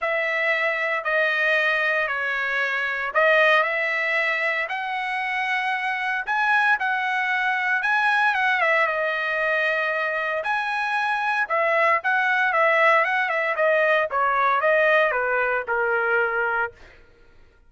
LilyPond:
\new Staff \with { instrumentName = "trumpet" } { \time 4/4 \tempo 4 = 115 e''2 dis''2 | cis''2 dis''4 e''4~ | e''4 fis''2. | gis''4 fis''2 gis''4 |
fis''8 e''8 dis''2. | gis''2 e''4 fis''4 | e''4 fis''8 e''8 dis''4 cis''4 | dis''4 b'4 ais'2 | }